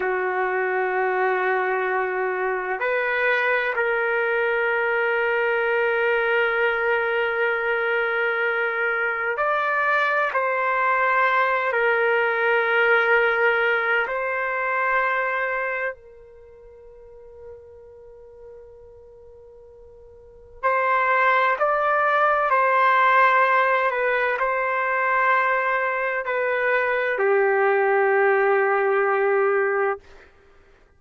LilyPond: \new Staff \with { instrumentName = "trumpet" } { \time 4/4 \tempo 4 = 64 fis'2. b'4 | ais'1~ | ais'2 d''4 c''4~ | c''8 ais'2~ ais'8 c''4~ |
c''4 ais'2.~ | ais'2 c''4 d''4 | c''4. b'8 c''2 | b'4 g'2. | }